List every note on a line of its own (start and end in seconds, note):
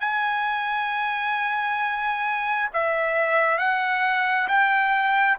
0.00 2.69 G#5
2.73 3.58 E5
3.58 4.48 F#5
4.48 5.37 G5